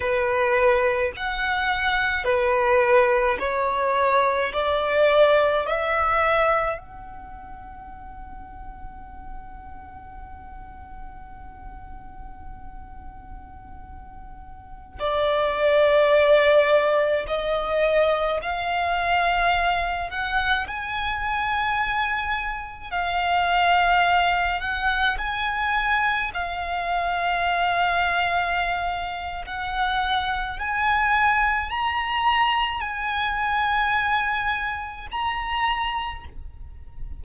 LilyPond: \new Staff \with { instrumentName = "violin" } { \time 4/4 \tempo 4 = 53 b'4 fis''4 b'4 cis''4 | d''4 e''4 fis''2~ | fis''1~ | fis''4~ fis''16 d''2 dis''8.~ |
dis''16 f''4. fis''8 gis''4.~ gis''16~ | gis''16 f''4. fis''8 gis''4 f''8.~ | f''2 fis''4 gis''4 | ais''4 gis''2 ais''4 | }